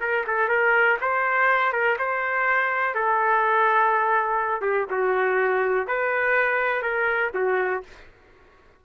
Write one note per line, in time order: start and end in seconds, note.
0.00 0.24 A#4
0.27 0.49 A4
0.49 0.97 A#4
1.01 1.73 C5
1.73 1.97 A#4
1.98 2.94 C5
2.94 4.61 A4
4.61 4.86 G4
4.90 5.87 F#4
5.87 6.82 B4
6.82 7.31 A#4
7.34 7.83 F#4